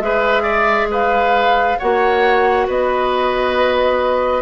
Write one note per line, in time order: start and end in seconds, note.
0.00 1.76 G#3
0.00 1.78 G#4
0.00 0.43 B4
0.00 0.89 E5
0.43 0.87 D5
0.91 1.79 B4
0.91 1.79 F5
1.79 2.68 A#3
1.79 4.42 F#4
1.79 2.67 C#5
1.79 2.67 F#5
2.67 4.42 B3
2.67 4.42 B4
2.67 4.42 D#5